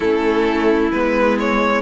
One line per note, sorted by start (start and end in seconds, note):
0.00 0.92 A3
0.00 0.93 C#4
0.00 1.81 E4
0.00 0.90 A4
0.92 1.81 G#3
0.92 1.81 B3
0.92 1.38 B4
1.39 1.81 C#5